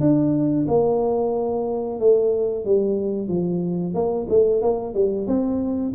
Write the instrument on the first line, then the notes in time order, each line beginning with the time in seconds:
tuba
0.00 D4
0.67 A#3
1.99 A3
2.64 G3
3.28 F3
3.94 A#3
4.29 A3
4.61 A#3
4.94 G3
5.27 C4